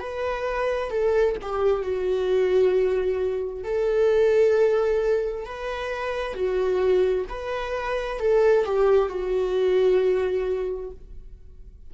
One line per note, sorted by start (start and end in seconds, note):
0.00 0.91 B4
0.91 1.36 A4
1.42 1.83 G4
1.83 3.64 F#4
3.64 5.46 A4
5.46 6.35 B4
6.35 7.26 F#4
7.29 8.20 B4
8.20 8.65 A4
8.65 9.10 G4
9.10 10.91 F#4